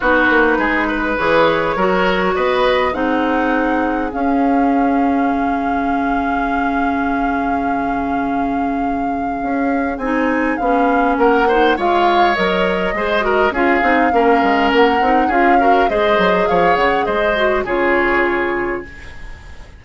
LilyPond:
<<
  \new Staff \with { instrumentName = "flute" } { \time 4/4 \tempo 4 = 102 b'2 cis''2 | dis''4 fis''2 f''4~ | f''1~ | f''1~ |
f''4 gis''4 f''4 fis''4 | f''4 dis''2 f''4~ | f''4 fis''4 f''4 dis''4 | f''8 fis''8 dis''4 cis''2 | }
  \new Staff \with { instrumentName = "oboe" } { \time 4/4 fis'4 gis'8 b'4. ais'4 | b'4 gis'2.~ | gis'1~ | gis'1~ |
gis'2. ais'8 c''8 | cis''2 c''8 ais'8 gis'4 | ais'2 gis'8 ais'8 c''4 | cis''4 c''4 gis'2 | }
  \new Staff \with { instrumentName = "clarinet" } { \time 4/4 dis'2 gis'4 fis'4~ | fis'4 dis'2 cis'4~ | cis'1~ | cis'1~ |
cis'4 dis'4 cis'4. dis'8 | f'4 ais'4 gis'8 fis'8 f'8 dis'8 | cis'4. dis'8 f'8 fis'8 gis'4~ | gis'4. fis'8 f'2 | }
  \new Staff \with { instrumentName = "bassoon" } { \time 4/4 b8 ais8 gis4 e4 fis4 | b4 c'2 cis'4~ | cis'4 cis2.~ | cis1 |
cis'4 c'4 b4 ais4 | gis4 fis4 gis4 cis'8 c'8 | ais8 gis8 ais8 c'8 cis'4 gis8 fis8 | f8 cis8 gis4 cis2 | }
>>